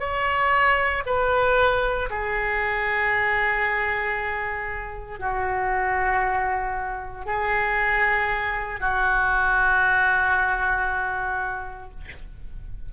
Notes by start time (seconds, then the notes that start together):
0.00 C#5
1.06 B4
2.11 G#4
5.20 F#4
7.26 G#4
8.80 F#4